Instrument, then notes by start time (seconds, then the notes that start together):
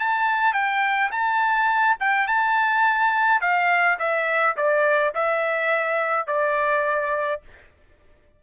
trumpet
0.00 A5
0.54 G5
1.12 A5
2.00 G5
2.28 A5
3.41 F5
3.99 E5
4.57 D5
5.15 E5
6.28 D5